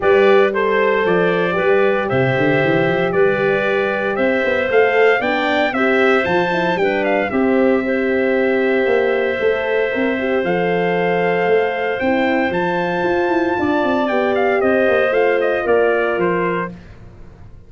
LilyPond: <<
  \new Staff \with { instrumentName = "trumpet" } { \time 4/4 \tempo 4 = 115 d''4 c''4 d''2 | e''2 d''2 | e''4 f''4 g''4 e''4 | a''4 g''8 f''8 e''2~ |
e''1 | f''2. g''4 | a''2. g''8 f''8 | dis''4 f''8 dis''8 d''4 c''4 | }
  \new Staff \with { instrumentName = "clarinet" } { \time 4/4 b'4 c''2 b'4 | c''2 b'2 | c''2 d''4 c''4~ | c''4 b'4 g'4 c''4~ |
c''1~ | c''1~ | c''2 d''2 | c''2 ais'2 | }
  \new Staff \with { instrumentName = "horn" } { \time 4/4 g'4 a'2 g'4~ | g'1~ | g'4 a'4 d'4 g'4 | f'8 e'8 d'4 c'4 g'4~ |
g'2 a'4 ais'8 g'8 | a'2. e'4 | f'2. g'4~ | g'4 f'2. | }
  \new Staff \with { instrumentName = "tuba" } { \time 4/4 g2 f4 g4 | c8 d8 e8 f8 g2 | c'8 b8 a4 b4 c'4 | f4 g4 c'2~ |
c'4 ais4 a4 c'4 | f2 a4 c'4 | f4 f'8 e'8 d'8 c'8 b4 | c'8 ais8 a4 ais4 f4 | }
>>